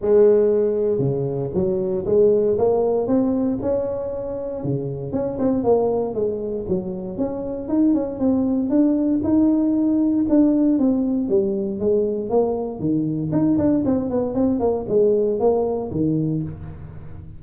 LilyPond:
\new Staff \with { instrumentName = "tuba" } { \time 4/4 \tempo 4 = 117 gis2 cis4 fis4 | gis4 ais4 c'4 cis'4~ | cis'4 cis4 cis'8 c'8 ais4 | gis4 fis4 cis'4 dis'8 cis'8 |
c'4 d'4 dis'2 | d'4 c'4 g4 gis4 | ais4 dis4 dis'8 d'8 c'8 b8 | c'8 ais8 gis4 ais4 dis4 | }